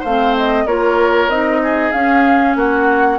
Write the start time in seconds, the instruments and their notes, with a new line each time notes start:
0.00 bassoon A3, oboe C5, flute F5
0.07 clarinet C4
0.37 flute D#5
0.66 bassoon A#3, clarinet F4, oboe A#4, flute C#5
1.28 bassoon C4, clarinet D#4, flute D#5
1.63 oboe G#4
1.92 clarinet C#4, bassoon C#4, flute F5
2.56 bassoon A#3, oboe F#4, flute F#5